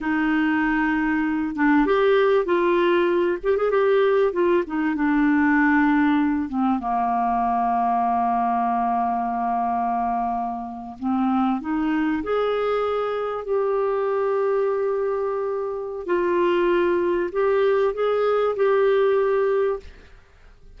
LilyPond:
\new Staff \with { instrumentName = "clarinet" } { \time 4/4 \tempo 4 = 97 dis'2~ dis'8 d'8 g'4 | f'4. g'16 gis'16 g'4 f'8 dis'8 | d'2~ d'8 c'8 ais4~ | ais1~ |
ais4.~ ais16 c'4 dis'4 gis'16~ | gis'4.~ gis'16 g'2~ g'16~ | g'2 f'2 | g'4 gis'4 g'2 | }